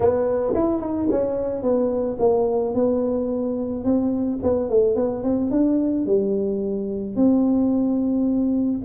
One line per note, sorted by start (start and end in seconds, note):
0.00 0.54 B3
0.54 0.80 E4
0.80 1.08 D#4
1.10 1.62 C#4
1.62 2.17 B3
2.19 2.74 A#3
2.74 3.84 B3
3.84 4.39 C4
4.42 4.69 B3
4.69 4.95 A3
4.95 5.23 B3
5.23 5.50 C4
5.50 6.06 D4
6.06 7.16 G3
7.16 8.81 C4